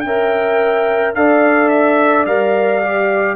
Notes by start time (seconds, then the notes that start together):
0.00 C#4 A#4 G5
0.06 E5
1.14 D4 A4 D5 F5
1.68 E5
2.25 G3 A#4 F5
2.83 G4